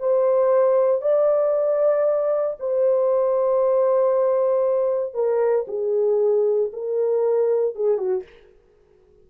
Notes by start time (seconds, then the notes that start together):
0.00 C5
1.02 D5
2.60 C5
5.14 A#4
5.68 G#4
6.73 A#4
7.76 G#4
7.98 F#4